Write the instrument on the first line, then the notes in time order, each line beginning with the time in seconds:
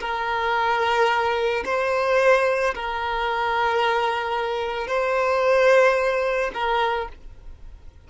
violin
0.00 A#4
1.65 C5
2.74 A#4
4.87 C5
6.54 A#4